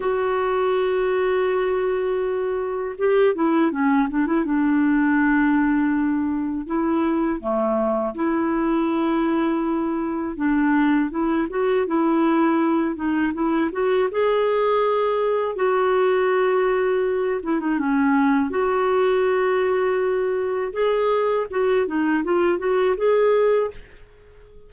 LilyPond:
\new Staff \with { instrumentName = "clarinet" } { \time 4/4 \tempo 4 = 81 fis'1 | g'8 e'8 cis'8 d'16 e'16 d'2~ | d'4 e'4 a4 e'4~ | e'2 d'4 e'8 fis'8 |
e'4. dis'8 e'8 fis'8 gis'4~ | gis'4 fis'2~ fis'8 e'16 dis'16 | cis'4 fis'2. | gis'4 fis'8 dis'8 f'8 fis'8 gis'4 | }